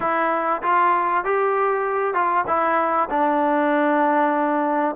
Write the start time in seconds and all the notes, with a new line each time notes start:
0.00 E4
0.62 F4
1.24 G4
2.13 F4
2.47 E4
3.10 D4